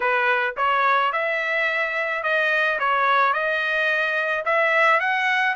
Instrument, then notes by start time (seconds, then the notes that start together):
trumpet
0.00 B4
0.56 C#5
1.12 E5
2.23 D#5
2.79 C#5
3.33 D#5
4.45 E5
4.99 F#5